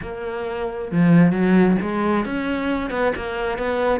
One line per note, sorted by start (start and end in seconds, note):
0.02 0.91 A#3
0.91 1.32 F3
1.32 1.76 F#3
1.81 2.25 G#3
2.25 2.90 C#4
2.90 3.12 B3
3.16 3.58 A#3
3.58 4.00 B3